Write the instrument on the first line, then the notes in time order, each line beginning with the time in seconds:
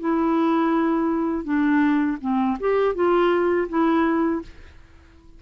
clarinet
0.00 E4
1.44 D4
2.22 C4
2.60 G4
2.95 F4
3.69 E4